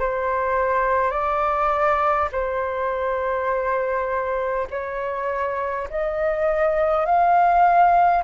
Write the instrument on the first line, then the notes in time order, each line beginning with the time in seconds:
flute
0.00 C5
1.11 D5
2.33 C5
4.71 C#5
5.90 D#5
7.06 F5